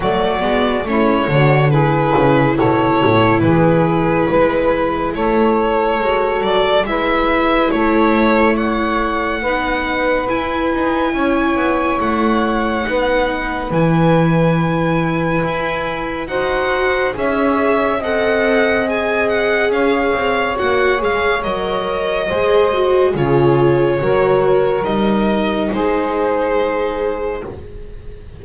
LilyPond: <<
  \new Staff \with { instrumentName = "violin" } { \time 4/4 \tempo 4 = 70 d''4 cis''4 b'4 cis''4 | b'2 cis''4. d''8 | e''4 cis''4 fis''2 | gis''2 fis''2 |
gis''2. fis''4 | e''4 fis''4 gis''8 fis''8 f''4 | fis''8 f''8 dis''2 cis''4~ | cis''4 dis''4 c''2 | }
  \new Staff \with { instrumentName = "saxophone" } { \time 4/4 fis'4 e'8 fis'8 gis'4 a'4 | gis'4 b'4 a'2 | b'4 a'4 cis''4 b'4~ | b'4 cis''2 b'4~ |
b'2. c''4 | cis''4 dis''2 cis''4~ | cis''2 c''4 gis'4 | ais'2 gis'2 | }
  \new Staff \with { instrumentName = "viola" } { \time 4/4 a8 b8 cis'8 d'8 e'2~ | e'2. fis'4 | e'2. dis'4 | e'2. dis'4 |
e'2. fis'4 | gis'4 a'4 gis'2 | fis'8 gis'8 ais'4 gis'8 fis'8 f'4 | fis'4 dis'2. | }
  \new Staff \with { instrumentName = "double bass" } { \time 4/4 fis8 gis8 a8 d4 cis8 b,8 a,8 | e4 gis4 a4 gis8 fis8 | gis4 a2 b4 | e'8 dis'8 cis'8 b8 a4 b4 |
e2 e'4 dis'4 | cis'4 c'2 cis'8 c'8 | ais8 gis8 fis4 gis4 cis4 | fis4 g4 gis2 | }
>>